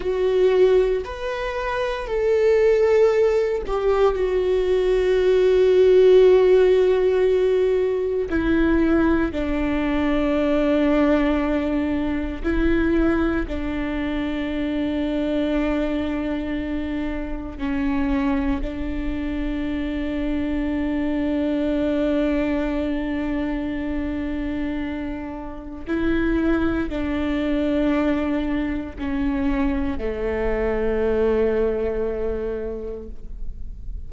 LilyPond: \new Staff \with { instrumentName = "viola" } { \time 4/4 \tempo 4 = 58 fis'4 b'4 a'4. g'8 | fis'1 | e'4 d'2. | e'4 d'2.~ |
d'4 cis'4 d'2~ | d'1~ | d'4 e'4 d'2 | cis'4 a2. | }